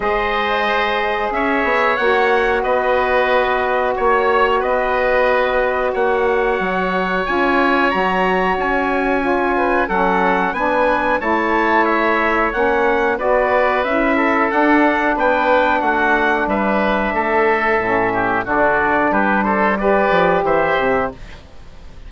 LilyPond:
<<
  \new Staff \with { instrumentName = "trumpet" } { \time 4/4 \tempo 4 = 91 dis''2 e''4 fis''4 | dis''2 cis''4 dis''4~ | dis''4 fis''2 gis''4 | ais''4 gis''2 fis''4 |
gis''4 a''4 e''4 fis''4 | d''4 e''4 fis''4 g''4 | fis''4 e''2. | d''4 b'8 c''8 d''4 e''4 | }
  \new Staff \with { instrumentName = "oboe" } { \time 4/4 c''2 cis''2 | b'2 cis''4 b'4~ | b'4 cis''2.~ | cis''2~ cis''8 b'8 a'4 |
b'4 cis''2. | b'4. a'4. b'4 | fis'4 b'4 a'4. g'8 | fis'4 g'8 a'8 b'4 c''4 | }
  \new Staff \with { instrumentName = "saxophone" } { \time 4/4 gis'2. fis'4~ | fis'1~ | fis'2. f'4 | fis'2 f'4 cis'4 |
d'4 e'2 cis'4 | fis'4 e'4 d'2~ | d'2. cis'4 | d'2 g'2 | }
  \new Staff \with { instrumentName = "bassoon" } { \time 4/4 gis2 cis'8 b8 ais4 | b2 ais4 b4~ | b4 ais4 fis4 cis'4 | fis4 cis'2 fis4 |
b4 a2 ais4 | b4 cis'4 d'4 b4 | a4 g4 a4 a,4 | d4 g4. f8 e8 c8 | }
>>